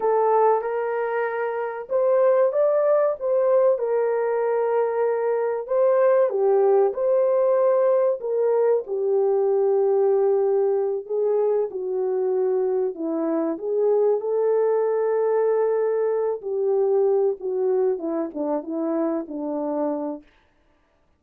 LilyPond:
\new Staff \with { instrumentName = "horn" } { \time 4/4 \tempo 4 = 95 a'4 ais'2 c''4 | d''4 c''4 ais'2~ | ais'4 c''4 g'4 c''4~ | c''4 ais'4 g'2~ |
g'4. gis'4 fis'4.~ | fis'8 e'4 gis'4 a'4.~ | a'2 g'4. fis'8~ | fis'8 e'8 d'8 e'4 d'4. | }